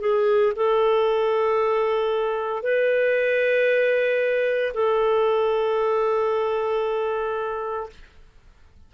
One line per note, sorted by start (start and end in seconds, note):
0.00 0.53 G#4
0.56 2.62 A4
2.62 4.73 B4
4.74 7.89 A4